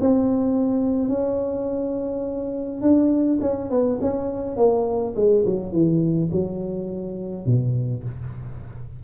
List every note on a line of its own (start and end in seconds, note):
0.00 1.09 C4
1.09 2.81 C#4
2.81 3.39 D4
3.41 3.70 C#4
3.70 3.99 B3
4.01 4.56 C#4
4.56 5.14 A#3
5.16 5.44 G#3
5.46 5.72 F#3
5.72 6.30 E3
6.31 7.46 F#3
7.46 8.03 B2